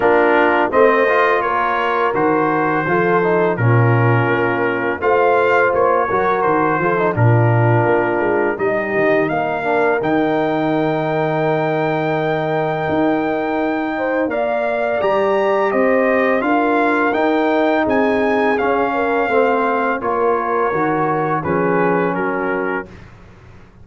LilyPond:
<<
  \new Staff \with { instrumentName = "trumpet" } { \time 4/4 \tempo 4 = 84 ais'4 dis''4 cis''4 c''4~ | c''4 ais'2 f''4 | cis''4 c''4 ais'2 | dis''4 f''4 g''2~ |
g''1 | f''4 ais''4 dis''4 f''4 | g''4 gis''4 f''2 | cis''2 b'4 ais'4 | }
  \new Staff \with { instrumentName = "horn" } { \time 4/4 f'4 c''4 ais'2 | a'4 f'2 c''4~ | c''8 ais'4 a'8 f'2 | g'4 ais'2.~ |
ais'2.~ ais'8 c''8 | d''2 c''4 ais'4~ | ais'4 gis'4. ais'8 c''4 | ais'2 gis'4 fis'4 | }
  \new Staff \with { instrumentName = "trombone" } { \time 4/4 d'4 c'8 f'4. fis'4 | f'8 dis'8 cis'2 f'4~ | f'8 fis'4 f'16 dis'16 d'2 | dis'4. d'8 dis'2~ |
dis'1 | ais'4 g'2 f'4 | dis'2 cis'4 c'4 | f'4 fis'4 cis'2 | }
  \new Staff \with { instrumentName = "tuba" } { \time 4/4 ais4 a4 ais4 dis4 | f4 ais,4 ais4 a4 | ais8 fis8 dis8 f8 ais,4 ais8 gis8 | g8 dis8 ais4 dis2~ |
dis2 dis'2 | ais4 g4 c'4 d'4 | dis'4 c'4 cis'4 a4 | ais4 dis4 f4 fis4 | }
>>